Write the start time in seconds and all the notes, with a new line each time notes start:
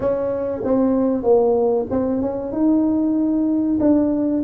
0.00 C#4
0.63 C4
1.23 A#3
1.90 C4
2.21 C#4
2.52 D#4
3.80 D4